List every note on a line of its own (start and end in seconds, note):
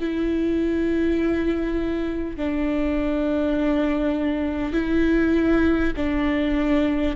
0.00 2.36 E4
2.36 4.73 D4
4.73 5.93 E4
5.96 7.16 D4